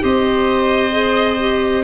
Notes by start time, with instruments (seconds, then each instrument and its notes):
0.00 tuba C4, clarinet G4, oboe C5, violin D#5
0.91 clarinet G#4
1.39 clarinet G4